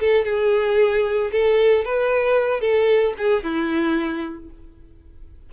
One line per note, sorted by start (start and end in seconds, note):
0.00 0.25 A4
0.25 1.31 G#4
1.32 1.85 A4
1.85 2.61 B4
2.61 3.14 A4
3.18 3.43 G#4
3.43 4.50 E4